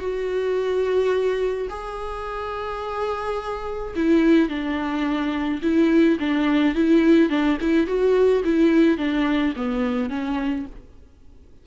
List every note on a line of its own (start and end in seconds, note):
0.00 1.68 F#4
1.70 3.94 G#4
3.96 4.49 E4
4.49 5.61 D4
5.62 6.18 E4
6.20 6.75 D4
6.75 7.30 E4
7.30 7.58 D4
7.61 7.87 E4
7.87 8.43 F#4
8.45 8.98 E4
8.98 9.54 D4
9.56 10.10 B3
10.10 10.66 C#4